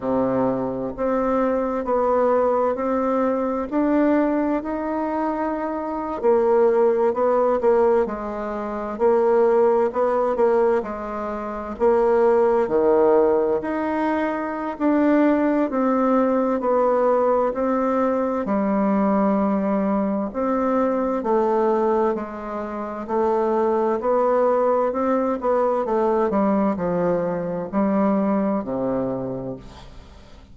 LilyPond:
\new Staff \with { instrumentName = "bassoon" } { \time 4/4 \tempo 4 = 65 c4 c'4 b4 c'4 | d'4 dis'4.~ dis'16 ais4 b16~ | b16 ais8 gis4 ais4 b8 ais8 gis16~ | gis8. ais4 dis4 dis'4~ dis'16 |
d'4 c'4 b4 c'4 | g2 c'4 a4 | gis4 a4 b4 c'8 b8 | a8 g8 f4 g4 c4 | }